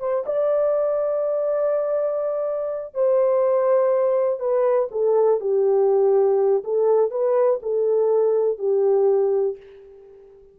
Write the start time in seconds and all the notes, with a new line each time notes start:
0.00 C5
0.26 D5
2.94 C5
4.40 B4
4.91 A4
5.40 G4
6.64 A4
7.11 B4
7.63 A4
8.58 G4